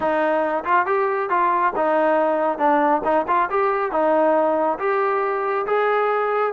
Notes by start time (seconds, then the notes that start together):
0.00 D#4
0.64 F4
0.86 G4
1.29 F4
1.76 D#4
2.58 D4
3.04 D#4
3.27 F4
3.50 G4
3.91 D#4
4.78 G4
5.66 G#4